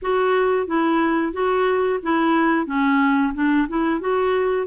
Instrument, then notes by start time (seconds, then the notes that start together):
clarinet
0.02 F#4
0.67 E4
1.32 F#4
2.02 E4
2.66 C#4
3.34 D4
3.68 E4
4.00 F#4